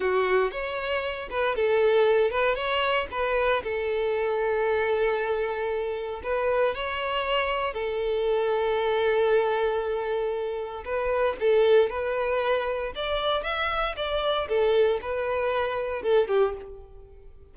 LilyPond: \new Staff \with { instrumentName = "violin" } { \time 4/4 \tempo 4 = 116 fis'4 cis''4. b'8 a'4~ | a'8 b'8 cis''4 b'4 a'4~ | a'1 | b'4 cis''2 a'4~ |
a'1~ | a'4 b'4 a'4 b'4~ | b'4 d''4 e''4 d''4 | a'4 b'2 a'8 g'8 | }